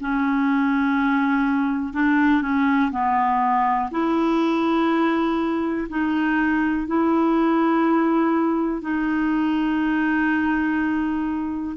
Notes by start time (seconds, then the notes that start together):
0.00 C#4
1.94 D4
2.41 C#4
2.92 B3
3.91 E4
5.89 D#4
6.87 E4
8.81 D#4